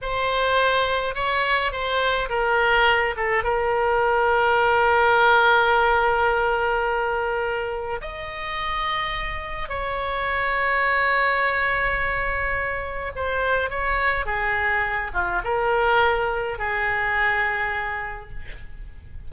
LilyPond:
\new Staff \with { instrumentName = "oboe" } { \time 4/4 \tempo 4 = 105 c''2 cis''4 c''4 | ais'4. a'8 ais'2~ | ais'1~ | ais'2 dis''2~ |
dis''4 cis''2.~ | cis''2. c''4 | cis''4 gis'4. f'8 ais'4~ | ais'4 gis'2. | }